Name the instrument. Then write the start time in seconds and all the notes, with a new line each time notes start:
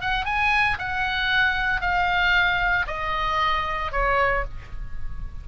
oboe
0.00 F#5
0.25 G#5
0.78 F#5
1.81 F5
2.86 D#5
3.91 C#5